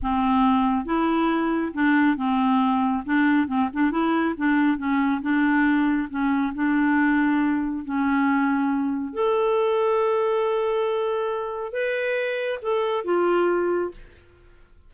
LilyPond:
\new Staff \with { instrumentName = "clarinet" } { \time 4/4 \tempo 4 = 138 c'2 e'2 | d'4 c'2 d'4 | c'8 d'8 e'4 d'4 cis'4 | d'2 cis'4 d'4~ |
d'2 cis'2~ | cis'4 a'2.~ | a'2. b'4~ | b'4 a'4 f'2 | }